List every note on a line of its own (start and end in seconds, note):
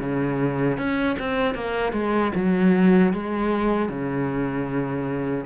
0.00 0.78 C#3
0.78 1.17 C#4
1.19 1.55 C4
1.55 1.93 A#3
1.93 2.32 G#3
2.35 3.13 F#3
3.13 3.89 G#3
3.89 5.45 C#3